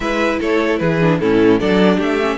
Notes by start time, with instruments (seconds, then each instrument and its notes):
0.00 cello G#3, viola E4, violin B4 E5
0.39 cello A3, violin A4 C#5
0.78 cello E3, violin G#4 B4
1.00 viola D4
1.19 cello A2, viola C#4, violin E4 A4
1.59 cello F#3, viola D4, violin A4 D5
1.96 cello A3, violin G4 E5
2.21 viola C#4